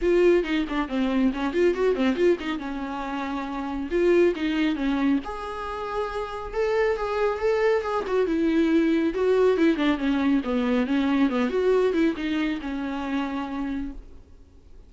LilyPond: \new Staff \with { instrumentName = "viola" } { \time 4/4 \tempo 4 = 138 f'4 dis'8 d'8 c'4 cis'8 f'8 | fis'8 c'8 f'8 dis'8 cis'2~ | cis'4 f'4 dis'4 cis'4 | gis'2. a'4 |
gis'4 a'4 gis'8 fis'8 e'4~ | e'4 fis'4 e'8 d'8 cis'4 | b4 cis'4 b8 fis'4 e'8 | dis'4 cis'2. | }